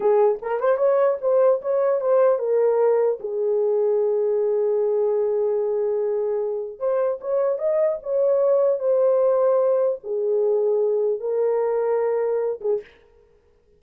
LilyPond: \new Staff \with { instrumentName = "horn" } { \time 4/4 \tempo 4 = 150 gis'4 ais'8 c''8 cis''4 c''4 | cis''4 c''4 ais'2 | gis'1~ | gis'1~ |
gis'4 c''4 cis''4 dis''4 | cis''2 c''2~ | c''4 gis'2. | ais'2.~ ais'8 gis'8 | }